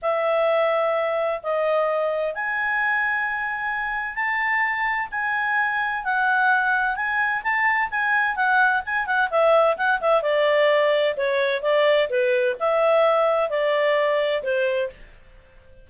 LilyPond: \new Staff \with { instrumentName = "clarinet" } { \time 4/4 \tempo 4 = 129 e''2. dis''4~ | dis''4 gis''2.~ | gis''4 a''2 gis''4~ | gis''4 fis''2 gis''4 |
a''4 gis''4 fis''4 gis''8 fis''8 | e''4 fis''8 e''8 d''2 | cis''4 d''4 b'4 e''4~ | e''4 d''2 c''4 | }